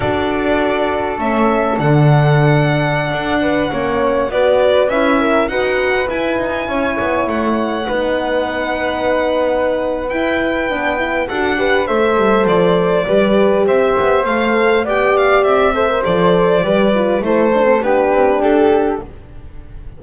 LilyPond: <<
  \new Staff \with { instrumentName = "violin" } { \time 4/4 \tempo 4 = 101 d''2 e''4 fis''4~ | fis''2.~ fis''16 d''8.~ | d''16 e''4 fis''4 gis''4.~ gis''16~ | gis''16 fis''2.~ fis''8.~ |
fis''4 g''2 fis''4 | e''4 d''2 e''4 | f''4 g''8 f''8 e''4 d''4~ | d''4 c''4 b'4 a'4 | }
  \new Staff \with { instrumentName = "flute" } { \time 4/4 a'1~ | a'4.~ a'16 b'8 cis''4 b'8.~ | b'8. ais'8 b'2 cis''8.~ | cis''4~ cis''16 b'2~ b'8.~ |
b'2. a'8 b'8 | c''2 b'4 c''4~ | c''4 d''4. c''4. | b'4 a'4 g'2 | }
  \new Staff \with { instrumentName = "horn" } { \time 4/4 fis'2 cis'4 d'4~ | d'2~ d'16 cis'4 fis'8.~ | fis'16 e'4 fis'4 e'4.~ e'16~ | e'4~ e'16 dis'2~ dis'8.~ |
dis'4 e'4 d'8 e'8 fis'8 g'8 | a'2 g'2 | a'4 g'4. a'16 ais'16 a'4 | g'8 f'8 e'8 d'16 c'16 d'2 | }
  \new Staff \with { instrumentName = "double bass" } { \time 4/4 d'2 a4 d4~ | d4~ d16 d'4 ais4 b8.~ | b16 cis'4 dis'4 e'8 dis'8 cis'8 b16~ | b16 a4 b2~ b8.~ |
b4 e'4 b4 d'4 | a8 g8 f4 g4 c'8 b8 | a4 b4 c'4 f4 | g4 a4 b8 c'8 d'4 | }
>>